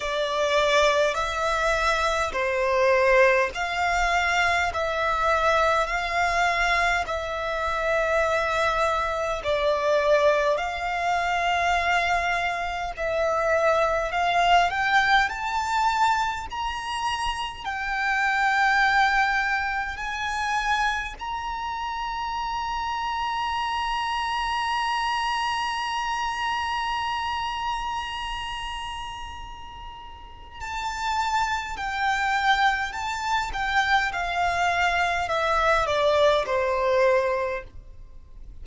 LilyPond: \new Staff \with { instrumentName = "violin" } { \time 4/4 \tempo 4 = 51 d''4 e''4 c''4 f''4 | e''4 f''4 e''2 | d''4 f''2 e''4 | f''8 g''8 a''4 ais''4 g''4~ |
g''4 gis''4 ais''2~ | ais''1~ | ais''2 a''4 g''4 | a''8 g''8 f''4 e''8 d''8 c''4 | }